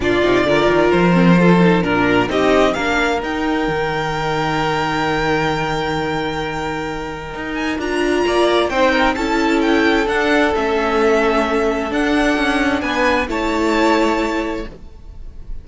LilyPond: <<
  \new Staff \with { instrumentName = "violin" } { \time 4/4 \tempo 4 = 131 d''2 c''2 | ais'4 dis''4 f''4 g''4~ | g''1~ | g''1~ |
g''8 gis''8 ais''2 g''4 | a''4 g''4 fis''4 e''4~ | e''2 fis''2 | gis''4 a''2. | }
  \new Staff \with { instrumentName = "violin" } { \time 4/4 f'4 ais'2 a'4 | ais'4 g'4 ais'2~ | ais'1~ | ais'1~ |
ais'2 d''4 c''8 ais'8 | a'1~ | a'1 | b'4 cis''2. | }
  \new Staff \with { instrumentName = "viola" } { \time 4/4 d'8 dis'8 f'4. c'8 f'8 dis'8 | d'4 dis'4 d'4 dis'4~ | dis'1~ | dis'1~ |
dis'4 f'2 dis'4 | e'2 d'4 cis'4~ | cis'2 d'2~ | d'4 e'2. | }
  \new Staff \with { instrumentName = "cello" } { \time 4/4 ais,8 c8 d8 dis8 f2 | ais,4 c'4 ais4 dis'4 | dis1~ | dis1 |
dis'4 d'4 ais4 c'4 | cis'2 d'4 a4~ | a2 d'4 cis'4 | b4 a2. | }
>>